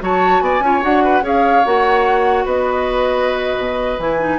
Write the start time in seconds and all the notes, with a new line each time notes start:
0.00 F#3 F#4 C#5 A5
0.40 B3 D5 G#5
0.60 C#4 F4 C#5
0.81 D4 F#4 F#5
1.04 B4
1.22 C#4 G#4 C#5 F5
1.65 A#3 F#4 F#5
2.45 B3 B4 D#5
3.58 B2
3.99 E3 E4 G#5
4.20 D#4